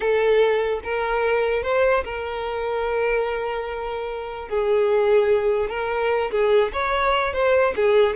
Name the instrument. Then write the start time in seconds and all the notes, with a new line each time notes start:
violin
0.00 A4
0.83 A#4
1.63 C5
2.04 A#4
4.48 G#4
5.69 A#4
6.31 G#4
6.73 C#5
7.33 C5
7.76 G#4